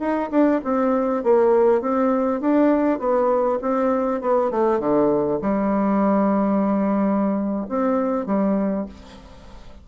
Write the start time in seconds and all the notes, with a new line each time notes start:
0.00 D#4
0.31 D4
0.64 C4
1.24 A#3
1.81 C4
2.41 D4
2.99 B3
3.62 C4
4.21 B3
4.51 A3
4.80 D3
5.42 G3
7.69 C4
8.26 G3